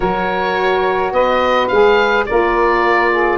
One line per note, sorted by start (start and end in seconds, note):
0.00 1.12 F#3
0.00 1.70 F#4
0.00 1.13 A#4
0.00 1.12 C#5
1.12 1.68 B3
1.12 2.26 B4
1.12 1.68 D#5
1.68 2.27 G#3
1.68 2.27 G#4
1.68 2.24 F5
2.25 3.38 A#3
2.25 3.38 F4
2.25 3.11 A#4
2.25 3.38 D5
3.11 3.38 G#4